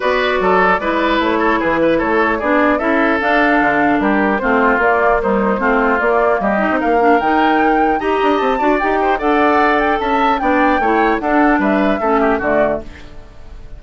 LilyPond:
<<
  \new Staff \with { instrumentName = "flute" } { \time 4/4 \tempo 4 = 150 d''2. cis''4 | b'4 cis''4 d''4 e''4 | f''2 ais'4 c''4 | d''4 c''2 d''4 |
dis''4 f''4 g''2 | ais''4 a''4 g''4 fis''4~ | fis''8 g''8 a''4 g''2 | fis''4 e''2 d''4 | }
  \new Staff \with { instrumentName = "oboe" } { \time 4/4 b'4 a'4 b'4. a'8 | gis'8 b'8 a'4 gis'4 a'4~ | a'2 g'4 f'4~ | f'4 dis'4 f'2 |
g'4 ais'2. | dis''4. d''4 c''8 d''4~ | d''4 e''4 d''4 cis''4 | a'4 b'4 a'8 g'8 fis'4 | }
  \new Staff \with { instrumentName = "clarinet" } { \time 4/4 fis'2 e'2~ | e'2 d'4 e'4 | d'2. c'4 | ais4 g4 c'4 ais4~ |
ais8 dis'4 d'8 dis'2 | g'4. fis'8 g'4 a'4~ | a'2 d'4 e'4 | d'2 cis'4 a4 | }
  \new Staff \with { instrumentName = "bassoon" } { \time 4/4 b4 fis4 gis4 a4 | e4 a4 b4 cis'4 | d'4 d4 g4 a4 | ais2 a4 ais4 |
g8. c'16 ais4 dis2 | dis'8 d'8 c'8 d'8 dis'4 d'4~ | d'4 cis'4 b4 a4 | d'4 g4 a4 d4 | }
>>